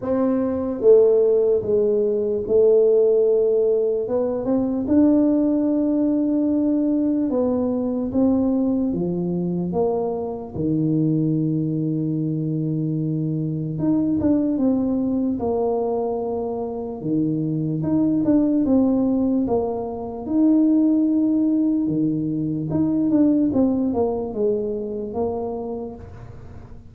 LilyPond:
\new Staff \with { instrumentName = "tuba" } { \time 4/4 \tempo 4 = 74 c'4 a4 gis4 a4~ | a4 b8 c'8 d'2~ | d'4 b4 c'4 f4 | ais4 dis2.~ |
dis4 dis'8 d'8 c'4 ais4~ | ais4 dis4 dis'8 d'8 c'4 | ais4 dis'2 dis4 | dis'8 d'8 c'8 ais8 gis4 ais4 | }